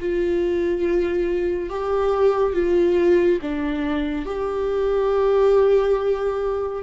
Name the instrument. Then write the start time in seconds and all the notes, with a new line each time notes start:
viola
0.00 F4
1.69 G4
2.54 F4
3.42 D4
4.26 G4